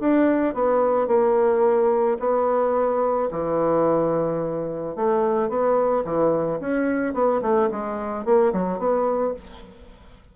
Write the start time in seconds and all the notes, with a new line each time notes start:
0.00 D4
0.54 B3
1.07 A#3
2.19 B3
3.31 E3
4.95 A3
5.48 B3
6.04 E3
6.60 C#4
7.13 B3
7.42 A3
7.71 G#3
8.24 A#3
8.52 F#3
8.78 B3